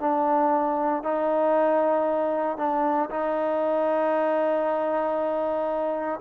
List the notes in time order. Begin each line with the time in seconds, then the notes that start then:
0.00 D4
1.03 D#4
2.58 D4
3.10 D#4